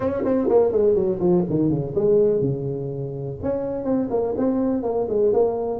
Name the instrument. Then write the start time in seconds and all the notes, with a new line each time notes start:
tuba
0.00 C#4
0.24 C4
0.48 A#3
0.71 G#3
0.94 F#3
1.20 F3
1.49 D#3
1.69 C#3
1.95 G#3
2.40 C#3
3.42 C#4
3.84 C4
4.10 A#3
4.37 C4
4.83 A#3
5.08 G#3
5.33 A#3